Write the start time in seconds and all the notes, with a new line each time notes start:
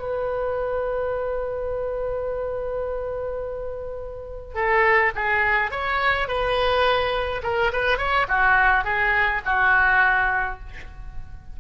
0.00 B4
4.55 A4
5.16 G#4
5.72 C#5
6.28 B4
7.44 A#4
7.73 B4
7.98 C#5
8.29 F#4
8.85 G#4
9.46 F#4